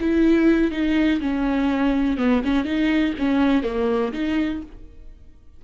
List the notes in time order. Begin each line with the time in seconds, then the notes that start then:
0.00 E4
0.71 D#4
1.20 C#4
2.18 B3
2.44 C#4
2.65 D#4
3.19 C#4
3.63 A#3
4.13 D#4